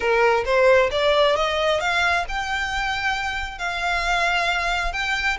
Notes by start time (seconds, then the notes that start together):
0.00 A#4
0.45 C5
0.91 D5
1.36 D#5
1.80 F5
2.28 G5
3.58 F5
4.93 G5